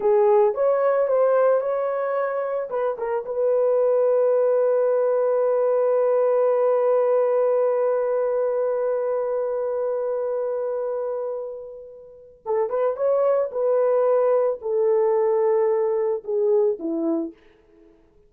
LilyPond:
\new Staff \with { instrumentName = "horn" } { \time 4/4 \tempo 4 = 111 gis'4 cis''4 c''4 cis''4~ | cis''4 b'8 ais'8 b'2~ | b'1~ | b'1~ |
b'1~ | b'2. a'8 b'8 | cis''4 b'2 a'4~ | a'2 gis'4 e'4 | }